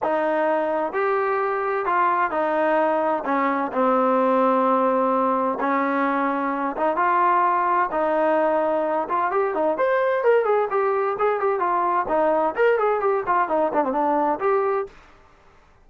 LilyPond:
\new Staff \with { instrumentName = "trombone" } { \time 4/4 \tempo 4 = 129 dis'2 g'2 | f'4 dis'2 cis'4 | c'1 | cis'2~ cis'8 dis'8 f'4~ |
f'4 dis'2~ dis'8 f'8 | g'8 dis'8 c''4 ais'8 gis'8 g'4 | gis'8 g'8 f'4 dis'4 ais'8 gis'8 | g'8 f'8 dis'8 d'16 c'16 d'4 g'4 | }